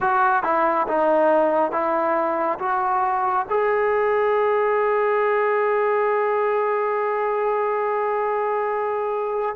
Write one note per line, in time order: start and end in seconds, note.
0.00 0.43 F#4
0.43 0.86 E4
0.87 1.71 D#4
1.71 2.58 E4
2.58 3.45 F#4
3.49 9.56 G#4